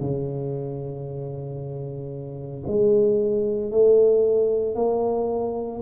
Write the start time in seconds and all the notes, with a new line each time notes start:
0.00 C#3
2.67 G#3
3.71 A3
4.75 A#3